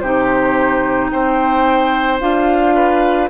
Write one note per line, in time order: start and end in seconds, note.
0.00 1.11 C3
0.00 2.20 D#4
0.00 1.10 G4
0.00 1.09 C5
1.10 2.21 C4
1.10 2.75 C5
1.10 2.19 G5
2.20 3.30 D4
2.20 3.29 F4
2.20 3.29 F5
2.75 3.29 B4